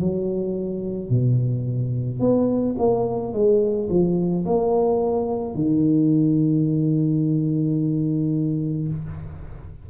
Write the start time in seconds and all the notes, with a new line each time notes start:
0.00 F#3
1.09 B2
2.20 B3
2.78 A#3
3.33 G#3
3.89 F3
4.45 A#3
5.55 D#3